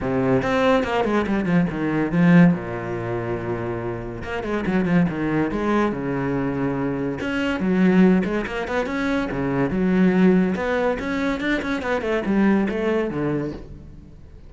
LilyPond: \new Staff \with { instrumentName = "cello" } { \time 4/4 \tempo 4 = 142 c4 c'4 ais8 gis8 g8 f8 | dis4 f4 ais,2~ | ais,2 ais8 gis8 fis8 f8 | dis4 gis4 cis2~ |
cis4 cis'4 fis4. gis8 | ais8 b8 cis'4 cis4 fis4~ | fis4 b4 cis'4 d'8 cis'8 | b8 a8 g4 a4 d4 | }